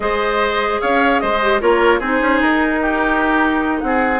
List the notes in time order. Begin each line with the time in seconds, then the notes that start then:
0.00 G#3 G#4 C5 D#5
0.81 C#4 C#5 F5
1.20 G#3 C5 D#5
1.42 G4
1.60 A#3 F4 A#4 C#5
1.99 C4 D#4 G#4 C5
2.20 C#4
2.41 D#4 A#4
2.81 G4
3.80 C4 F#5
3.86 G#4